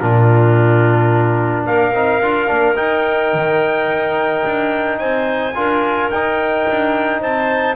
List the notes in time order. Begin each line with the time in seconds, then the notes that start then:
0.00 A#2 D4 F4 A#4
1.66 A#3 A#4 F5
1.93 C4 D#4
2.22 D4 F4
2.47 A#3 D4
2.76 D#4 G5
3.34 D#3
3.88 D#4
4.46 D4
4.99 C4 C5 G#5
5.55 D4 F4 A#4
6.11 D#4 G5
6.71 D4
7.21 C4 C5 A5